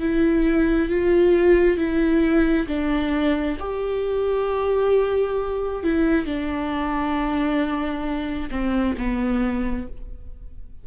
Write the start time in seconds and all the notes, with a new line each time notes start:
0.00 E4
0.89 F4
1.77 E4
2.67 D4
3.59 G4
5.83 E4
6.26 D4
8.51 C4
8.98 B3